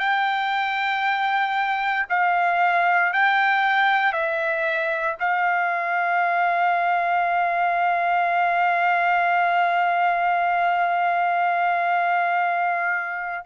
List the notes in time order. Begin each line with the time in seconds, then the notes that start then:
0.00 G5
2.10 F5
3.13 G5
4.13 E5
5.20 F5